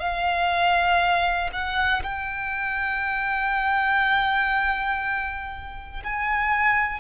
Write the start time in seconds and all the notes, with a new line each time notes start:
0.00 F5
1.53 F#5
2.03 G5
6.04 G#5